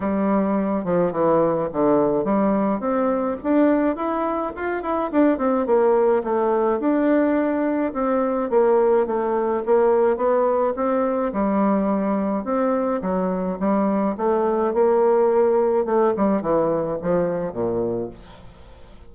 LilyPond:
\new Staff \with { instrumentName = "bassoon" } { \time 4/4 \tempo 4 = 106 g4. f8 e4 d4 | g4 c'4 d'4 e'4 | f'8 e'8 d'8 c'8 ais4 a4 | d'2 c'4 ais4 |
a4 ais4 b4 c'4 | g2 c'4 fis4 | g4 a4 ais2 | a8 g8 e4 f4 ais,4 | }